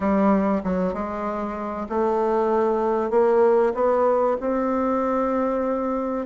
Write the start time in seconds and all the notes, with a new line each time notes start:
0.00 G3
0.63 F#3
0.93 G#3
1.89 A3
3.10 A#3
3.74 B3
4.40 C4